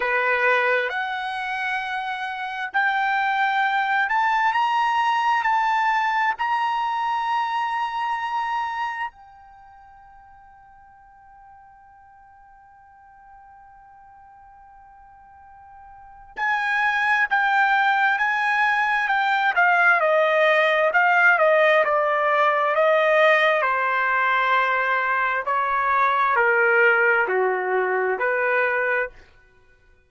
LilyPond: \new Staff \with { instrumentName = "trumpet" } { \time 4/4 \tempo 4 = 66 b'4 fis''2 g''4~ | g''8 a''8 ais''4 a''4 ais''4~ | ais''2 g''2~ | g''1~ |
g''2 gis''4 g''4 | gis''4 g''8 f''8 dis''4 f''8 dis''8 | d''4 dis''4 c''2 | cis''4 ais'4 fis'4 b'4 | }